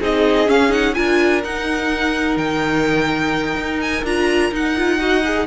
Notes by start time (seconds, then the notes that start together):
0.00 C4 D#4 G#4 D#5
0.48 C#4 F5
0.69 D#4 F#5
0.94 D4 F4 A#4 G#5
1.44 D#4 F#5
2.37 D#3 G5
3.56 D#4
3.81 G#5
4.04 D4 F4 A#5
4.52 D#4 F#5
4.77 F4
4.99 F#4 D#5
5.25 G#4